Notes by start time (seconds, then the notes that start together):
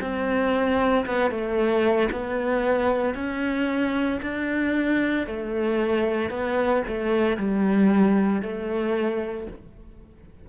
0.00 C4
1.06 B3
1.30 A3
2.11 B3
3.14 C#4
4.22 D4
5.26 A3
6.30 B3
6.87 A3
7.37 G3
8.41 A3